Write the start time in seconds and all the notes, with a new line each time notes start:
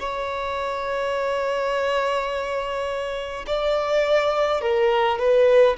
0.00 C#5
3.47 D5
4.62 A#4
5.19 B4